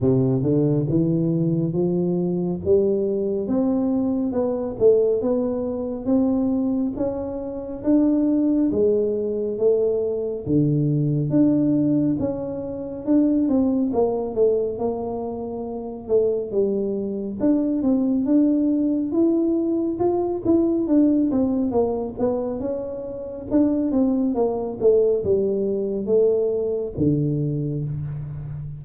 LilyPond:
\new Staff \with { instrumentName = "tuba" } { \time 4/4 \tempo 4 = 69 c8 d8 e4 f4 g4 | c'4 b8 a8 b4 c'4 | cis'4 d'4 gis4 a4 | d4 d'4 cis'4 d'8 c'8 |
ais8 a8 ais4. a8 g4 | d'8 c'8 d'4 e'4 f'8 e'8 | d'8 c'8 ais8 b8 cis'4 d'8 c'8 | ais8 a8 g4 a4 d4 | }